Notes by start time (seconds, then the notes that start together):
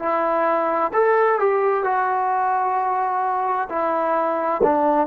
0.00 E4
0.94 A4
1.40 G4
1.85 F#4
3.70 E4
4.64 D4